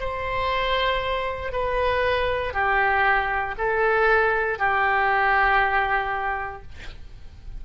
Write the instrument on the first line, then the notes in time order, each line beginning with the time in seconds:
oboe
0.00 C5
1.53 B4
2.54 G4
3.58 A4
4.59 G4